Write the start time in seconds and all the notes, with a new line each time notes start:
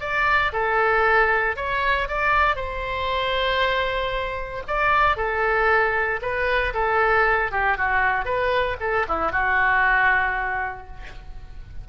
0.00 D5
0.52 A4
1.56 C#5
2.08 D5
2.56 C5
4.67 D5
5.16 A4
6.21 B4
6.73 A4
7.51 G4
7.77 F#4
8.25 B4
8.80 A4
9.08 E4
9.32 F#4